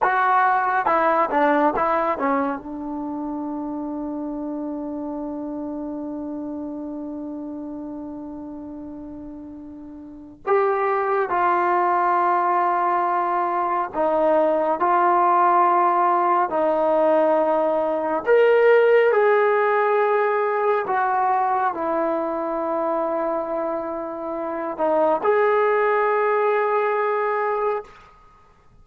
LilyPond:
\new Staff \with { instrumentName = "trombone" } { \time 4/4 \tempo 4 = 69 fis'4 e'8 d'8 e'8 cis'8 d'4~ | d'1~ | d'1 | g'4 f'2. |
dis'4 f'2 dis'4~ | dis'4 ais'4 gis'2 | fis'4 e'2.~ | e'8 dis'8 gis'2. | }